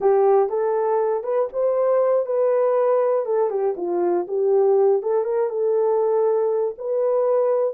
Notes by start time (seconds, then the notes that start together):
0.00 G4
0.49 A4
1.23 B4
1.52 C5
2.25 B4
3.25 A4
3.50 G4
3.77 F4
4.27 G4
5.02 A4
5.24 A#4
5.49 A4
6.78 B4